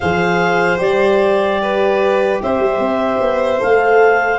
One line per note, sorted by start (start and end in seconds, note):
0.00 0.79 F3
0.00 0.78 G#4
0.00 1.61 C5
0.00 0.78 F5
0.78 2.39 G3
0.78 3.58 G4
0.78 2.40 D5
1.61 2.41 B4
2.42 2.59 C4
2.42 4.39 C5
2.42 3.62 E5
2.59 2.79 G3
2.79 3.19 C4
3.20 3.60 B3
3.59 4.39 A3
3.59 4.39 A4
3.59 4.39 F5